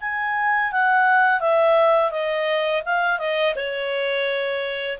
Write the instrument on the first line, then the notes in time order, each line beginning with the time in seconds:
clarinet
0.00 G#5
0.71 F#5
1.40 E5
2.11 D#5
2.85 F5
3.19 D#5
3.55 C#5